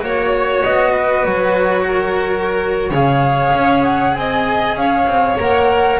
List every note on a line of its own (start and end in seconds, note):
0.00 0.63 A#3
0.00 2.91 F#4
0.00 0.64 C#5
0.00 0.92 C#5
0.64 1.25 B3
0.64 1.24 D#5
0.92 1.84 B4
1.24 2.90 F#3
1.24 2.92 C#5
1.87 2.90 A#4
2.90 3.52 C#3
2.90 5.38 G#4
2.90 4.12 C#5
2.90 3.83 F5
3.54 4.15 C#4
3.83 4.13 F#5
4.13 4.75 C4
4.13 4.79 D#5
4.13 4.75 G#5
4.75 5.06 C#4
4.75 5.99 C#5
4.75 5.38 F5
5.07 5.37 C4
5.38 5.99 A#3
5.38 5.99 A#4
5.38 5.99 F#5